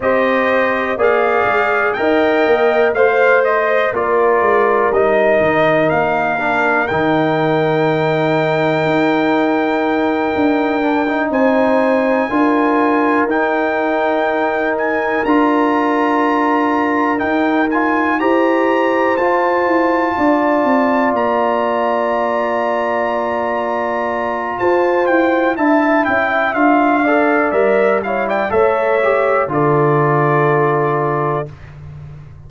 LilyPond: <<
  \new Staff \with { instrumentName = "trumpet" } { \time 4/4 \tempo 4 = 61 dis''4 f''4 g''4 f''8 dis''8 | d''4 dis''4 f''4 g''4~ | g''2.~ g''8 gis''8~ | gis''4. g''4. gis''8 ais''8~ |
ais''4. g''8 gis''8 ais''4 a''8~ | a''4. ais''2~ ais''8~ | ais''4 a''8 g''8 a''8 g''8 f''4 | e''8 f''16 g''16 e''4 d''2 | }
  \new Staff \with { instrumentName = "horn" } { \time 4/4 c''4 d''4 dis''4 c''4 | ais'1~ | ais'2.~ ais'8 c''8~ | c''8 ais'2.~ ais'8~ |
ais'2~ ais'8 c''4.~ | c''8 d''2.~ d''8~ | d''4 c''4 e''4. d''8~ | d''8 cis''16 d''16 cis''4 a'2 | }
  \new Staff \with { instrumentName = "trombone" } { \time 4/4 g'4 gis'4 ais'4 c''4 | f'4 dis'4. d'8 dis'4~ | dis'2. d'16 dis'8.~ | dis'8 f'4 dis'2 f'8~ |
f'4. dis'8 f'8 g'4 f'8~ | f'1~ | f'2 e'4 f'8 a'8 | ais'8 e'8 a'8 g'8 f'2 | }
  \new Staff \with { instrumentName = "tuba" } { \time 4/4 c'4 ais8 gis8 dis'8 ais8 a4 | ais8 gis8 g8 dis8 ais4 dis4~ | dis4 dis'4. d'4 c'8~ | c'8 d'4 dis'2 d'8~ |
d'4. dis'4 e'4 f'8 | e'8 d'8 c'8 ais2~ ais8~ | ais4 f'8 e'8 d'8 cis'8 d'4 | g4 a4 d2 | }
>>